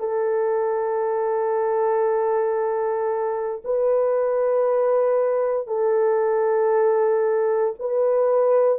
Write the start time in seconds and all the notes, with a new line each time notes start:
0.00 A4
3.64 B4
5.68 A4
7.80 B4